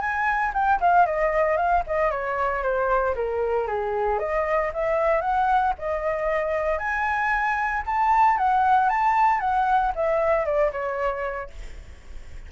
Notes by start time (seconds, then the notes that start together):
0.00 G#5
0.53 G5
0.80 F5
1.06 D#5
1.57 F5
1.87 D#5
2.11 C#5
2.63 C5
3.15 A#4
3.67 G#4
4.19 D#5
4.73 E5
5.21 F#5
5.78 D#5
6.78 G#5
7.86 A5
8.37 F#5
8.89 A5
9.40 F#5
9.95 E5
10.45 D5
10.72 C#5